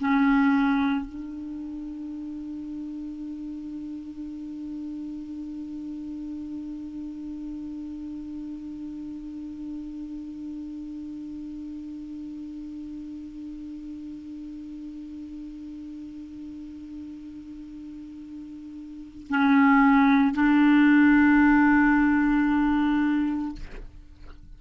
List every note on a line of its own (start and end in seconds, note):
0.00 1.06 C#4
1.06 19.27 D4
19.30 20.34 C#4
20.34 23.56 D4